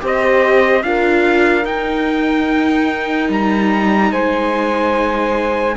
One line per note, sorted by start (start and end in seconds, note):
0.00 0.83 C4
0.00 0.82 G4
0.00 0.85 C5
0.06 0.83 D#5
0.83 1.65 D4
0.83 1.64 F4
0.83 4.12 A#4
0.83 1.65 F5
1.64 5.74 D#4
1.64 3.29 D#4
1.64 3.30 G5
3.29 4.11 G3
3.29 4.12 A#5
4.11 5.76 G#3
4.11 5.76 C5
4.11 5.76 G#5